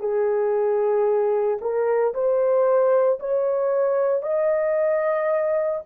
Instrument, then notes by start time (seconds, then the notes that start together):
horn
0.00 G#4
1.61 A#4
2.14 C5
3.20 C#5
4.22 D#5